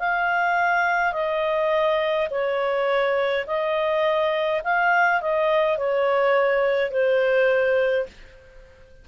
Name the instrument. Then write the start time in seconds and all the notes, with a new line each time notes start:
clarinet
0.00 F5
1.13 D#5
2.31 C#5
3.47 D#5
4.65 F5
5.21 D#5
5.78 C#5
6.91 C5